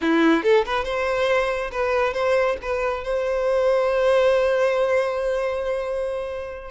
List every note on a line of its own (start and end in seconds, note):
0.01 0.43 E4
0.43 0.65 A4
0.65 0.84 B4
0.84 1.71 C5
1.71 2.13 B4
2.13 2.56 C5
2.61 3.04 B4
3.04 6.70 C5